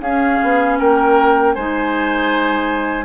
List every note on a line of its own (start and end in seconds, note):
0.00 0.38 C#4
0.00 1.57 C#4
0.00 0.78 G#4
0.00 0.78 F5
0.43 0.80 B3
0.79 1.56 A#3
0.79 1.55 A#4
0.79 1.55 G5
1.55 3.05 G#3
1.55 3.05 D#4
1.55 3.05 C5
1.55 3.05 G#5